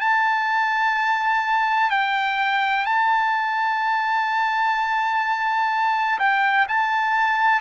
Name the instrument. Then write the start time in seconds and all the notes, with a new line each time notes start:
trumpet
0.00 A5
1.90 G5
2.85 A5
6.19 G5
6.68 A5